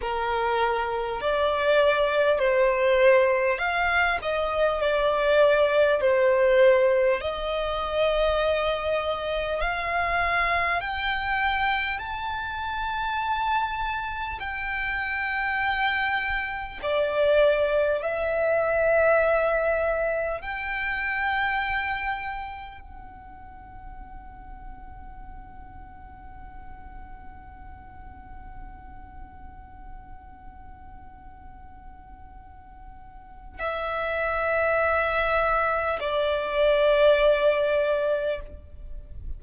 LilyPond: \new Staff \with { instrumentName = "violin" } { \time 4/4 \tempo 4 = 50 ais'4 d''4 c''4 f''8 dis''8 | d''4 c''4 dis''2 | f''4 g''4 a''2 | g''2 d''4 e''4~ |
e''4 g''2 fis''4~ | fis''1~ | fis''1 | e''2 d''2 | }